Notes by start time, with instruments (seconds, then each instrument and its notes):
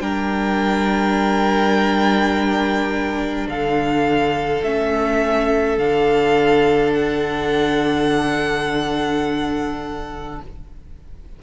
0.00 cello G3, viola D4, violin A#4 G5
3.48 cello D3, violin A4 F5
4.62 cello A3, viola C#4, violin E5
5.77 cello D3, viola D4, violin F5
6.93 violin F#5